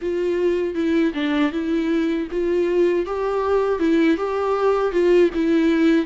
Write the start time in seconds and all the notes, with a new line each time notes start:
0.01 F4
0.74 E4
1.14 D4
1.52 E4
2.31 F4
3.06 G4
3.79 E4
4.17 G4
4.92 F4
5.34 E4